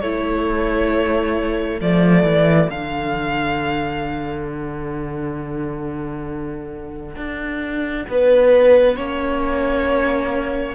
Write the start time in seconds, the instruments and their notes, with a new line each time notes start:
0.00 cello A3, viola E4, violin A4 C#5
1.80 cello F3, viola A3, violin D5
2.23 cello E3
2.68 cello D3, viola D4, violin F5
4.48 violin F#5
7.16 cello D4
8.09 cello B3, violin B4
8.95 cello A#3, viola C#4, violin C#5